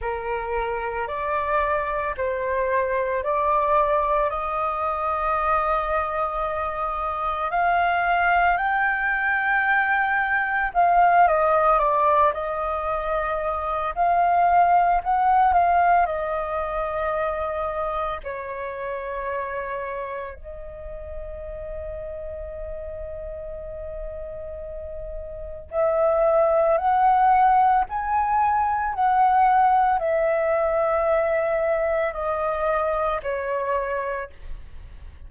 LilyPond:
\new Staff \with { instrumentName = "flute" } { \time 4/4 \tempo 4 = 56 ais'4 d''4 c''4 d''4 | dis''2. f''4 | g''2 f''8 dis''8 d''8 dis''8~ | dis''4 f''4 fis''8 f''8 dis''4~ |
dis''4 cis''2 dis''4~ | dis''1 | e''4 fis''4 gis''4 fis''4 | e''2 dis''4 cis''4 | }